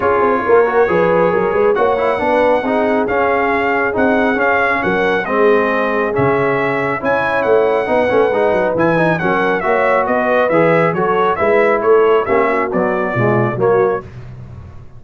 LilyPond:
<<
  \new Staff \with { instrumentName = "trumpet" } { \time 4/4 \tempo 4 = 137 cis''1 | fis''2. f''4~ | f''4 fis''4 f''4 fis''4 | dis''2 e''2 |
gis''4 fis''2. | gis''4 fis''4 e''4 dis''4 | e''4 cis''4 e''4 cis''4 | e''4 d''2 cis''4 | }
  \new Staff \with { instrumentName = "horn" } { \time 4/4 gis'4 ais'4 b'4 ais'8 b'8 | cis''4 b'4 gis'2~ | gis'2. ais'4 | gis'1 |
cis''2 b'2~ | b'4 ais'4 cis''4 b'4~ | b'4 a'4 b'4 a'4 | g'8 fis'4. f'4 fis'4 | }
  \new Staff \with { instrumentName = "trombone" } { \time 4/4 f'4. fis'8 gis'2 | fis'8 e'8 d'4 dis'4 cis'4~ | cis'4 dis'4 cis'2 | c'2 cis'2 |
e'2 dis'8 cis'8 dis'4 | e'8 dis'8 cis'4 fis'2 | gis'4 fis'4 e'2 | cis'4 fis4 gis4 ais4 | }
  \new Staff \with { instrumentName = "tuba" } { \time 4/4 cis'8 c'8 ais4 f4 fis8 gis8 | ais4 b4 c'4 cis'4~ | cis'4 c'4 cis'4 fis4 | gis2 cis2 |
cis'4 a4 b8 a8 gis8 fis8 | e4 fis4 ais4 b4 | e4 fis4 gis4 a4 | ais4 b4 b,4 fis4 | }
>>